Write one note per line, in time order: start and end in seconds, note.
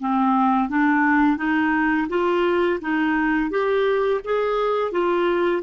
0.00 0.69 C4
0.69 1.37 D4
1.37 2.08 D#4
2.09 2.79 F4
2.81 3.50 D#4
3.50 4.21 G4
4.24 4.92 G#4
4.92 5.62 F4